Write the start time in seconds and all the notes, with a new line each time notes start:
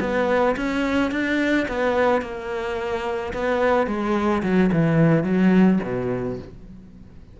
0.00 B3
0.56 C#4
1.11 D4
1.68 B3
2.21 A#3
3.33 B3
3.87 G#3
4.43 F#3
4.72 E3
5.24 F#3
5.83 B2